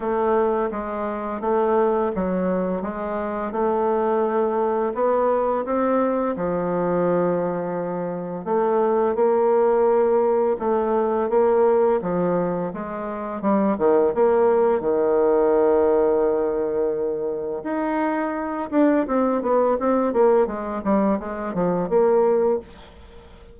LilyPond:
\new Staff \with { instrumentName = "bassoon" } { \time 4/4 \tempo 4 = 85 a4 gis4 a4 fis4 | gis4 a2 b4 | c'4 f2. | a4 ais2 a4 |
ais4 f4 gis4 g8 dis8 | ais4 dis2.~ | dis4 dis'4. d'8 c'8 b8 | c'8 ais8 gis8 g8 gis8 f8 ais4 | }